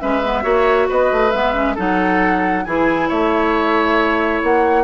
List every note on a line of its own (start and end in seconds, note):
0.00 0.44 G#3
0.00 0.22 C#4
0.00 0.43 B4
0.00 0.88 E5
0.24 0.43 B3
0.43 0.88 A#3
0.43 1.31 F#4
0.43 0.88 C#5
0.89 1.12 B3
0.89 1.75 B4
0.89 1.31 D#5
1.12 1.33 A3
1.31 1.77 G#3
1.31 1.53 B3
1.31 1.75 E5
1.53 1.75 C#4
1.75 2.66 F#3
1.75 2.65 D#4
1.75 2.63 A4
1.75 2.65 F#5
2.65 3.10 E3
2.65 4.84 E4
2.65 3.08 G#4
2.65 3.09 G#5
3.08 4.42 A3
3.08 4.84 C#5
3.08 4.41 E5
4.42 4.84 A#3
4.42 4.84 F#5